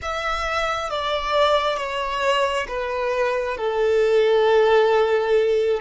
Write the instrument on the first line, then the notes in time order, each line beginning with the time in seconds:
violin
0.02 E5
0.90 D5
1.77 C#5
2.68 B4
3.57 A4